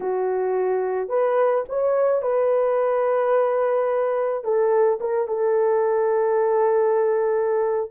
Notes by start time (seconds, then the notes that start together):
0.00 F#4
1.08 B4
1.68 C#5
2.21 B4
4.43 A4
5.00 A#4
5.27 A4